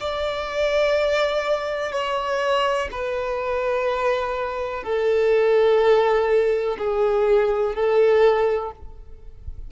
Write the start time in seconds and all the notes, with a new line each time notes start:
0.00 D5
1.92 C#5
2.92 B4
4.83 A4
6.78 G#4
7.75 A4